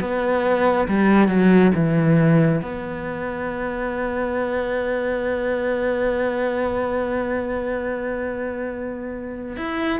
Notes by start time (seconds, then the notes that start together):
0.00 B3
0.87 G3
1.28 F#3
1.74 E3
2.62 B3
9.56 E4